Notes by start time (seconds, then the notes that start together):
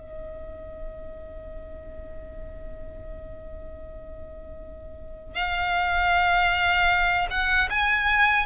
0.00 D#5
5.35 F5
7.31 F#5
7.70 G#5